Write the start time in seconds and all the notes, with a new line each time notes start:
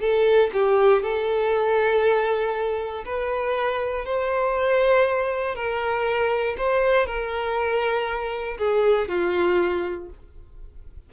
0.00 A4
0.53 G4
1.03 A4
3.05 B4
4.05 C5
5.55 A#4
6.58 C5
7.06 A#4
8.58 G#4
9.08 F4